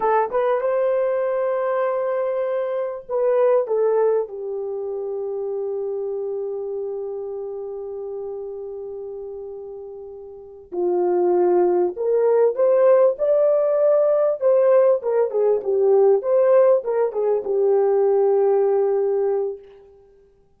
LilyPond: \new Staff \with { instrumentName = "horn" } { \time 4/4 \tempo 4 = 98 a'8 b'8 c''2.~ | c''4 b'4 a'4 g'4~ | g'1~ | g'1~ |
g'4. f'2 ais'8~ | ais'8 c''4 d''2 c''8~ | c''8 ais'8 gis'8 g'4 c''4 ais'8 | gis'8 g'2.~ g'8 | }